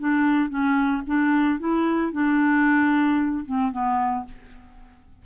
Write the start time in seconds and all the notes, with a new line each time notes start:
0.00 D4
0.50 C#4
1.07 D4
1.60 E4
2.13 D4
3.46 C4
3.72 B3